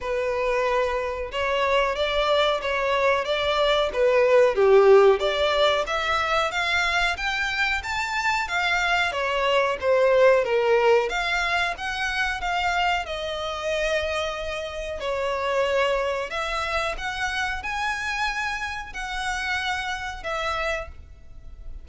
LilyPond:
\new Staff \with { instrumentName = "violin" } { \time 4/4 \tempo 4 = 92 b'2 cis''4 d''4 | cis''4 d''4 b'4 g'4 | d''4 e''4 f''4 g''4 | a''4 f''4 cis''4 c''4 |
ais'4 f''4 fis''4 f''4 | dis''2. cis''4~ | cis''4 e''4 fis''4 gis''4~ | gis''4 fis''2 e''4 | }